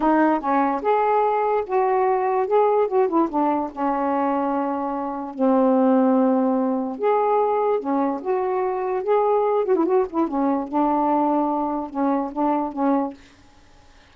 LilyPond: \new Staff \with { instrumentName = "saxophone" } { \time 4/4 \tempo 4 = 146 dis'4 cis'4 gis'2 | fis'2 gis'4 fis'8 e'8 | d'4 cis'2.~ | cis'4 c'2.~ |
c'4 gis'2 cis'4 | fis'2 gis'4. fis'16 e'16 | fis'8 e'8 cis'4 d'2~ | d'4 cis'4 d'4 cis'4 | }